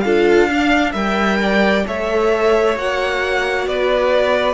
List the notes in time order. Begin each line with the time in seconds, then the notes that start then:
0.00 D4 F4 A4 F5
0.49 D4 F5
0.92 G3 A#4 E5 G5
1.42 D5
1.85 A3 A4 C#5 E5
2.76 A#3 F#4 F#5
3.67 B3 B4 D5